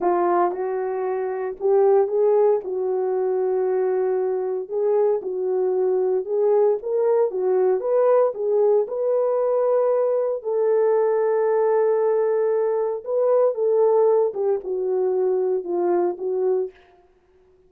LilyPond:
\new Staff \with { instrumentName = "horn" } { \time 4/4 \tempo 4 = 115 f'4 fis'2 g'4 | gis'4 fis'2.~ | fis'4 gis'4 fis'2 | gis'4 ais'4 fis'4 b'4 |
gis'4 b'2. | a'1~ | a'4 b'4 a'4. g'8 | fis'2 f'4 fis'4 | }